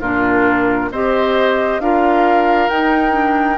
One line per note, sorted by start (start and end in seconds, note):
0.00 0.91 A#2
0.00 0.92 D4
0.00 0.90 F4
0.00 0.91 A#4
0.91 1.80 C4
0.91 1.82 G4
0.91 1.82 C5
0.91 1.81 D#5
1.80 2.69 D4
1.80 2.70 F4
1.80 3.58 A#4
1.80 2.70 F5
2.70 3.12 D#4
2.70 3.58 D#4
2.70 3.58 G5
3.12 3.56 D4